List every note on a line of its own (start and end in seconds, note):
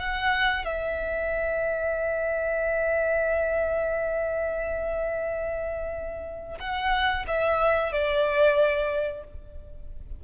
0.00 0.66 F#5
0.66 6.59 E5
6.60 7.26 F#5
7.28 7.92 E5
7.92 9.24 D5